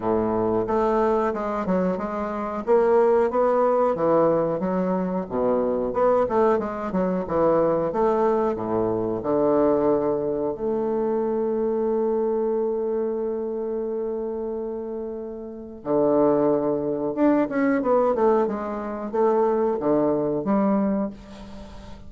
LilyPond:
\new Staff \with { instrumentName = "bassoon" } { \time 4/4 \tempo 4 = 91 a,4 a4 gis8 fis8 gis4 | ais4 b4 e4 fis4 | b,4 b8 a8 gis8 fis8 e4 | a4 a,4 d2 |
a1~ | a1 | d2 d'8 cis'8 b8 a8 | gis4 a4 d4 g4 | }